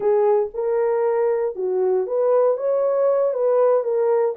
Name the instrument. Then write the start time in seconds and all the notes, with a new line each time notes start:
horn
0.00 G#4
0.54 A#4
1.55 F#4
2.06 B4
2.57 C#5
3.33 B4
3.83 A#4